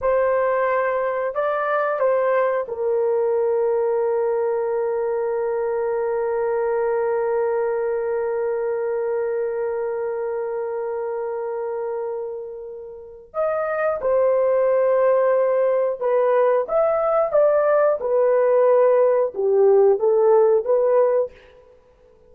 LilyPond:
\new Staff \with { instrumentName = "horn" } { \time 4/4 \tempo 4 = 90 c''2 d''4 c''4 | ais'1~ | ais'1~ | ais'1~ |
ais'1 | dis''4 c''2. | b'4 e''4 d''4 b'4~ | b'4 g'4 a'4 b'4 | }